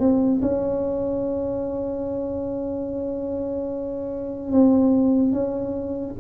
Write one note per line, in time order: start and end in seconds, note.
0.00 0.41 C4
0.42 4.52 C#4
4.52 5.33 C4
5.33 6.15 C#4